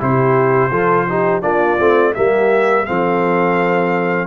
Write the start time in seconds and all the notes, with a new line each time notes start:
0.00 C3 E4 G4 C5
0.71 F3 F4 A4
1.09 D#4 G4
1.42 A#3 D4 F4 D5
1.79 A3 C4
2.15 G3 A#3 G4 E5
2.86 F3 C4 A4 F5